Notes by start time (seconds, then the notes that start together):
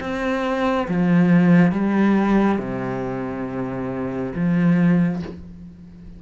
0.00 C4
0.88 F3
1.72 G3
2.58 C3
4.35 F3